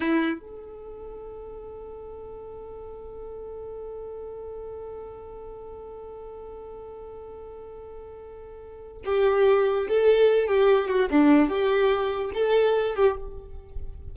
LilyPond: \new Staff \with { instrumentName = "violin" } { \time 4/4 \tempo 4 = 146 e'4 a'2.~ | a'1~ | a'1~ | a'1~ |
a'1~ | a'2 g'2 | a'4. g'4 fis'8 d'4 | g'2 a'4. g'8 | }